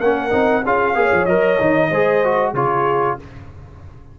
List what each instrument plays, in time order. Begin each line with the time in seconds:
0.00 tuba A#3, trombone C#4, horn A#4, trumpet F#5
0.30 tuba C4, trombone D#4
0.64 tuba C#4, trombone F4, horn G#4, trumpet F5
0.95 tuba A#3, trombone G#4, horn C#5
1.12 tuba F3
1.25 tuba F#3, trombone A#4, trumpet D#5
1.59 tuba D#3, trombone D#4
1.89 tuba G#3, trombone G#4, horn C5
2.24 trombone F#4
2.53 tuba C#3, trombone F4, horn G#4, trumpet C#5